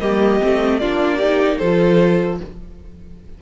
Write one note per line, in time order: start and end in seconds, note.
0.00 0.41 G3
0.00 0.41 A#3
0.00 0.81 G4
0.00 0.79 D#5
0.41 0.83 A3
0.41 0.81 C4
0.79 1.61 A#3
0.79 1.22 D4
0.79 1.18 F4
0.79 1.58 D5
1.18 1.62 D#4
1.18 1.58 G4
1.58 2.41 F3
1.58 2.42 F4
1.58 2.39 A4
1.58 2.38 C5